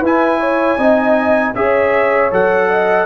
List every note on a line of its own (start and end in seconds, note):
0.00 0.77 E4
0.00 0.78 E4
0.00 0.38 B4
0.00 1.55 G#5
0.40 0.78 C#5
0.78 1.54 C4
0.78 1.54 D#4
0.78 1.54 D#5
1.55 2.31 C#4
1.55 2.31 G#4
1.55 2.70 C#5
1.55 2.31 E5
2.31 3.06 F#3
2.31 3.06 A4
2.31 3.06 F#5
2.70 3.06 D#5